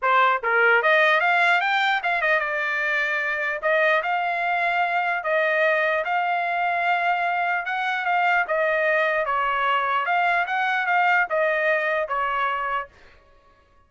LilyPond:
\new Staff \with { instrumentName = "trumpet" } { \time 4/4 \tempo 4 = 149 c''4 ais'4 dis''4 f''4 | g''4 f''8 dis''8 d''2~ | d''4 dis''4 f''2~ | f''4 dis''2 f''4~ |
f''2. fis''4 | f''4 dis''2 cis''4~ | cis''4 f''4 fis''4 f''4 | dis''2 cis''2 | }